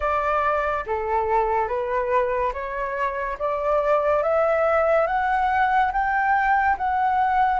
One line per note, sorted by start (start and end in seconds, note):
0.00 0.85 D5
0.86 1.67 A4
1.67 2.52 B4
2.53 3.37 C#5
3.38 4.23 D5
4.23 5.07 E5
5.07 5.91 F#5
5.92 6.76 G5
6.77 7.59 F#5